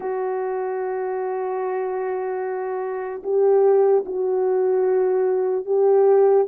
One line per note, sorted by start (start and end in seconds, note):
0.00 3.22 F#4
3.23 4.04 G4
4.05 5.65 F#4
5.65 6.46 G4